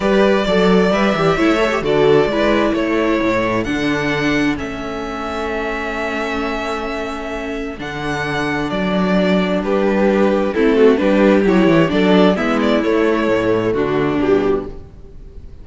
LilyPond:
<<
  \new Staff \with { instrumentName = "violin" } { \time 4/4 \tempo 4 = 131 d''2 e''2 | d''2 cis''2 | fis''2 e''2~ | e''1~ |
e''4 fis''2 d''4~ | d''4 b'2 a'4 | b'4 cis''4 d''4 e''8 d''8 | cis''2 fis'4 g'4 | }
  \new Staff \with { instrumentName = "violin" } { \time 4/4 b'4 d''2 cis''4 | a'4 b'4 a'2~ | a'1~ | a'1~ |
a'1~ | a'4 g'2 e'8 fis'8 | g'2 a'4 e'4~ | e'2 d'2 | }
  \new Staff \with { instrumentName = "viola" } { \time 4/4 g'4 a'4 b'8 g'8 e'8 a'16 g'16 | fis'4 e'2. | d'2 cis'2~ | cis'1~ |
cis'4 d'2.~ | d'2. c'4 | d'4 e'4 d'4 b4 | a2. g4 | }
  \new Staff \with { instrumentName = "cello" } { \time 4/4 g4 fis4 g8 e8 a4 | d4 gis4 a4 a,4 | d2 a2~ | a1~ |
a4 d2 fis4~ | fis4 g2 a4 | g4 fis8 e8 fis4 gis4 | a4 a,4 d4 b,4 | }
>>